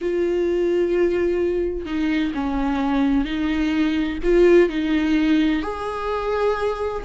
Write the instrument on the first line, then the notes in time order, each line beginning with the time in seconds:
viola
0.01 F4
1.85 D#4
2.34 C#4
3.24 D#4
4.23 F4
4.69 D#4
5.62 G#4